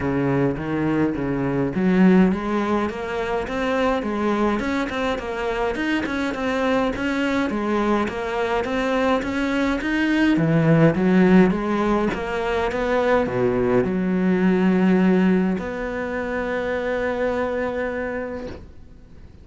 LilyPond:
\new Staff \with { instrumentName = "cello" } { \time 4/4 \tempo 4 = 104 cis4 dis4 cis4 fis4 | gis4 ais4 c'4 gis4 | cis'8 c'8 ais4 dis'8 cis'8 c'4 | cis'4 gis4 ais4 c'4 |
cis'4 dis'4 e4 fis4 | gis4 ais4 b4 b,4 | fis2. b4~ | b1 | }